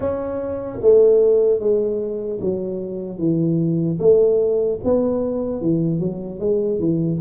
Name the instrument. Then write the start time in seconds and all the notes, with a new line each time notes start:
tuba
0.00 C#4
0.81 A3
1.59 G#3
2.40 F#3
3.18 E3
3.99 A3
4.84 B3
5.61 E3
5.99 F#3
6.39 G#3
6.79 E3